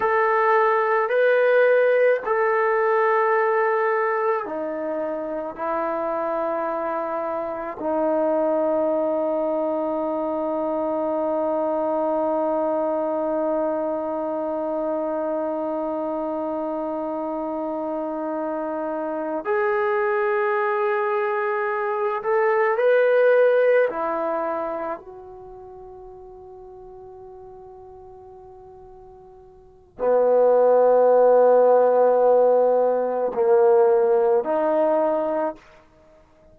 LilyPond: \new Staff \with { instrumentName = "trombone" } { \time 4/4 \tempo 4 = 54 a'4 b'4 a'2 | dis'4 e'2 dis'4~ | dis'1~ | dis'1~ |
dis'4. gis'2~ gis'8 | a'8 b'4 e'4 fis'4.~ | fis'2. b4~ | b2 ais4 dis'4 | }